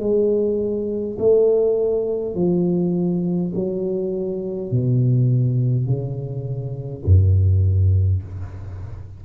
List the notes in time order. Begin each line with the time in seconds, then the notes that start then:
0.00 G#3
1.19 A3
2.35 F3
3.55 F#3
4.72 B2
5.87 C#3
7.06 F#2